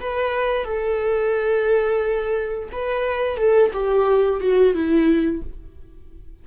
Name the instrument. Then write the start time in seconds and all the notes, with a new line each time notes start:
viola
0.00 B4
0.64 A4
2.72 B4
3.37 A4
3.73 G4
4.40 F#4
4.74 E4